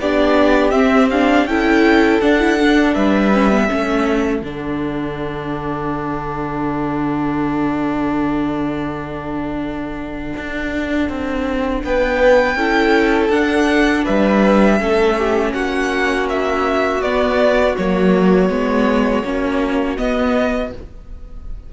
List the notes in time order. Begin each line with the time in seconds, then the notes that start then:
0.00 B3 D4 G4 D5
0.71 C4 E5
1.10 D4 F5
1.46 C#4 E4 A4 G5
2.21 D4 F#5
2.40 E4
2.60 D4
2.94 G3 B4 E5
3.33 C#4
3.52 B3
3.68 A3 C#4 A4
4.42 D3 D4 F#5
10.37 D4
11.09 C4
11.84 B3 B4 G5
12.56 C#4 E4 A4
13.30 D4 F#5
14.04 G3 B4 E5
14.80 A3 C#4 A4
15.18 G4
15.53 A#3 F#4 F#5
16.30 E5
17.01 B3 D5
17.77 F#3 A#3 C#5
18.50 G#3 B3
19.24 A#3 C#4
19.98 B3 D#5